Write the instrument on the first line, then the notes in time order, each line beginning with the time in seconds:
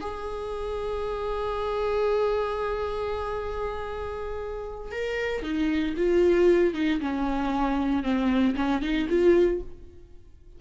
viola
0.00 G#4
4.91 A#4
5.42 D#4
5.96 F4
6.74 D#4
7.00 C#4
8.03 C4
8.56 C#4
8.81 D#4
9.09 F4